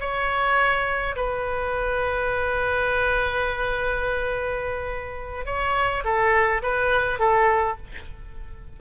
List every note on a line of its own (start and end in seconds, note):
0.00 1.15 C#5
1.16 5.46 B4
5.46 6.03 C#5
6.04 6.62 A4
6.62 7.19 B4
7.19 7.77 A4